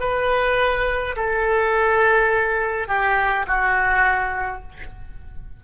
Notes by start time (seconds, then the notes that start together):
0.00 B4
1.16 A4
2.88 G4
3.47 F#4